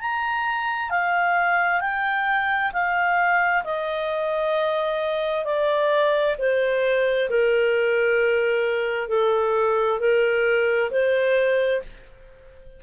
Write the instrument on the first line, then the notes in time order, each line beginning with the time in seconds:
clarinet
0.00 A#5
0.90 F5
1.81 G5
2.73 F5
3.64 D#5
5.45 D5
6.38 C5
7.29 A#4
9.09 A4
10.00 A#4
10.91 C5